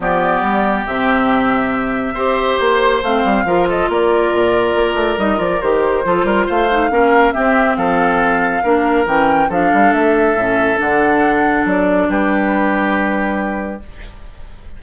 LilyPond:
<<
  \new Staff \with { instrumentName = "flute" } { \time 4/4 \tempo 4 = 139 d''2 e''2~ | e''2 c''4 f''4~ | f''8 dis''8 d''2. | dis''8 d''8 c''2 f''4~ |
f''4 e''4 f''2~ | f''4 g''4 f''4 e''4~ | e''4 fis''2 d''4 | b'1 | }
  \new Staff \with { instrumentName = "oboe" } { \time 4/4 g'1~ | g'4 c''2. | ais'8 a'8 ais'2.~ | ais'2 a'8 ais'8 c''4 |
ais'4 g'4 a'2 | ais'2 a'2~ | a'1 | g'1 | }
  \new Staff \with { instrumentName = "clarinet" } { \time 4/4 b2 c'2~ | c'4 g'2 c'4 | f'1 | dis'8 f'8 g'4 f'4. dis'8 |
cis'4 c'2. | d'4 cis'4 d'2 | cis'4 d'2.~ | d'1 | }
  \new Staff \with { instrumentName = "bassoon" } { \time 4/4 f4 g4 c2~ | c4 c'4 ais4 a8 g8 | f4 ais4 ais,4 ais8 a8 | g8 f8 dis4 f8 g8 a4 |
ais4 c'4 f2 | ais4 e4 f8 g8 a4 | a,4 d2 fis4 | g1 | }
>>